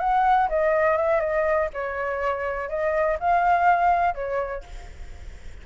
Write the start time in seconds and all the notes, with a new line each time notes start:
0.00 F#5
0.49 D#5
0.97 E5
1.20 D#5
1.73 C#5
2.69 D#5
3.20 F5
4.15 C#5